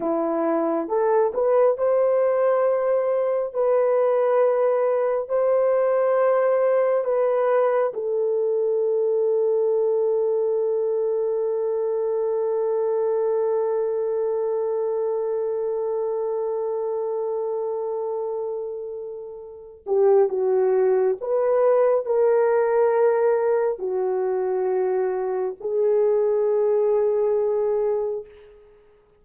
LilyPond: \new Staff \with { instrumentName = "horn" } { \time 4/4 \tempo 4 = 68 e'4 a'8 b'8 c''2 | b'2 c''2 | b'4 a'2.~ | a'1~ |
a'1~ | a'2~ a'8 g'8 fis'4 | b'4 ais'2 fis'4~ | fis'4 gis'2. | }